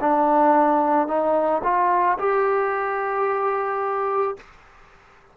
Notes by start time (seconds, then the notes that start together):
0.00 D4
1.07 D#4
1.63 F4
2.18 G4